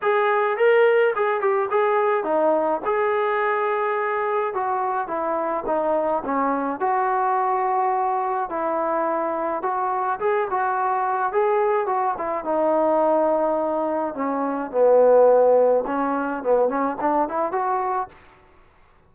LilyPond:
\new Staff \with { instrumentName = "trombone" } { \time 4/4 \tempo 4 = 106 gis'4 ais'4 gis'8 g'8 gis'4 | dis'4 gis'2. | fis'4 e'4 dis'4 cis'4 | fis'2. e'4~ |
e'4 fis'4 gis'8 fis'4. | gis'4 fis'8 e'8 dis'2~ | dis'4 cis'4 b2 | cis'4 b8 cis'8 d'8 e'8 fis'4 | }